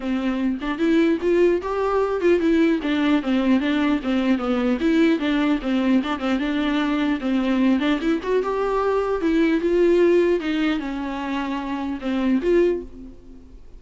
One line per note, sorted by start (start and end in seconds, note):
0.00 0.58 C4
0.61 0.78 D4
0.78 1.18 E4
1.21 1.61 F4
1.62 2.20 G4
2.20 2.39 F4
2.39 2.79 E4
2.82 3.22 D4
3.22 3.60 C4
3.60 4.00 D4
4.03 4.37 C4
4.37 4.77 B3
4.80 5.19 E4
5.19 5.59 D4
5.62 6.02 C4
6.03 6.19 D4
6.19 6.39 C4
6.39 7.19 D4
7.20 7.79 C4
7.79 7.99 D4
8.01 8.21 E4
8.22 8.42 F#4
8.43 9.21 G4
9.21 9.60 E4
9.60 10.39 F4
10.39 10.79 D#4
10.79 11.99 C#4
12.01 12.41 C4
12.41 12.81 F4